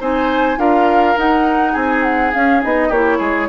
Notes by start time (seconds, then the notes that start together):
0.00 C4 D#4 C5 G#5
0.57 D4 F4 A#4 F5
1.15 D#4 F#5
1.72 C4 G#4 G#5
2.02 F#5
2.33 C#4 F5
2.61 B3 D#4 D#5
2.88 A#3 E4 G4 C#5
3.18 G#3 G#4